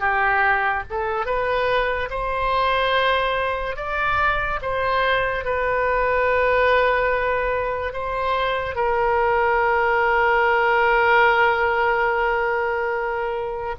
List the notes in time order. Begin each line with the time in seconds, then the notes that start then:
0.00 G4
0.91 A4
1.26 B4
2.10 C5
3.77 D5
4.62 C5
5.45 B4
7.94 C5
8.76 A#4